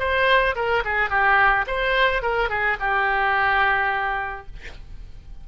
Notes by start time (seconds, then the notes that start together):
0.00 C5
0.56 A#4
0.85 G#4
1.11 G4
1.67 C5
2.23 A#4
2.50 G#4
2.80 G4